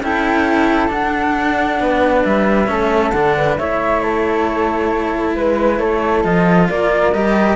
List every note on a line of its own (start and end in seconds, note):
0.00 0.89 C#4
0.00 0.88 E4
0.00 1.82 A4
0.00 0.91 G5
0.88 2.66 D4
0.88 1.80 D4
0.88 2.24 F#5
1.80 2.24 B3
1.80 2.69 B4
2.25 2.69 G3
2.25 3.11 E5
2.66 3.13 A3
2.66 3.11 C#4
2.66 3.36 A4
3.11 3.58 D3
3.11 3.59 D4
3.11 3.55 F#5
3.37 3.59 B4
3.57 5.35 A3
3.57 6.24 E4
3.57 4.03 C#5
3.57 4.00 E5
4.00 5.36 A4
4.00 5.33 C#5
5.35 5.80 G#3
5.35 5.78 B4
5.35 5.80 B4
5.78 6.24 A3
5.78 6.69 A4
5.78 6.23 C#5
6.24 6.69 F3
6.24 7.13 F4
6.24 6.68 D#5
6.69 7.13 A#3
6.69 7.56 A#4
6.69 7.13 D5
7.13 7.56 G3
7.13 7.56 G4
7.13 7.56 D#5